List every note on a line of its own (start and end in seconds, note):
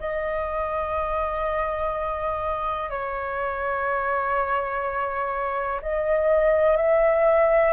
0.00 2.90 D#5
2.90 5.81 C#5
5.82 6.77 D#5
6.77 7.73 E5